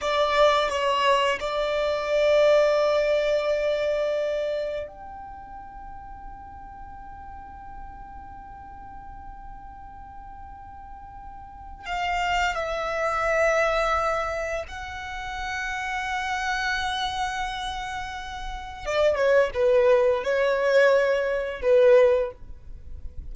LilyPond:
\new Staff \with { instrumentName = "violin" } { \time 4/4 \tempo 4 = 86 d''4 cis''4 d''2~ | d''2. g''4~ | g''1~ | g''1~ |
g''4 f''4 e''2~ | e''4 fis''2.~ | fis''2. d''8 cis''8 | b'4 cis''2 b'4 | }